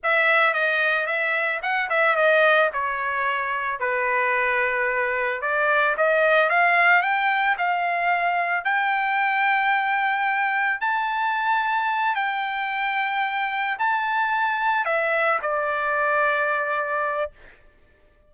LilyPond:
\new Staff \with { instrumentName = "trumpet" } { \time 4/4 \tempo 4 = 111 e''4 dis''4 e''4 fis''8 e''8 | dis''4 cis''2 b'4~ | b'2 d''4 dis''4 | f''4 g''4 f''2 |
g''1 | a''2~ a''8 g''4.~ | g''4. a''2 e''8~ | e''8 d''2.~ d''8 | }